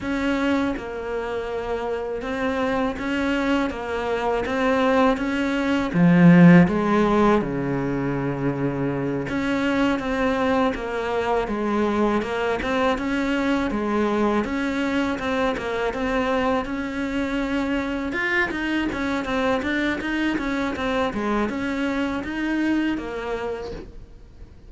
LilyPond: \new Staff \with { instrumentName = "cello" } { \time 4/4 \tempo 4 = 81 cis'4 ais2 c'4 | cis'4 ais4 c'4 cis'4 | f4 gis4 cis2~ | cis8 cis'4 c'4 ais4 gis8~ |
gis8 ais8 c'8 cis'4 gis4 cis'8~ | cis'8 c'8 ais8 c'4 cis'4.~ | cis'8 f'8 dis'8 cis'8 c'8 d'8 dis'8 cis'8 | c'8 gis8 cis'4 dis'4 ais4 | }